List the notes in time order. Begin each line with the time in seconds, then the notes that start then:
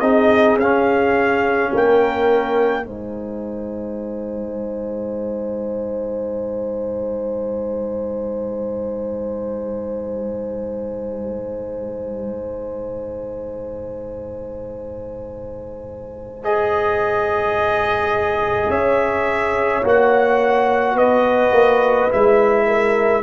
0.00 C4 D#4 G#4 D#5
0.57 C#4 F5
1.72 A#3 A#4 G5
2.83 G#3 D#4 C5 G#5
16.43 G#4 D#5
18.69 C#4 C#5 E5
19.83 A#3 F#4 F#5
20.94 B3 B4 D#5
21.51 A#3
22.10 G#3 E4 E5
22.67 A#4